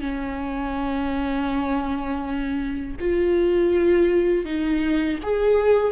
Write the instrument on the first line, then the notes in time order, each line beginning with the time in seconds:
viola
0.00 C#4
3.00 F4
4.44 D#4
5.22 G#4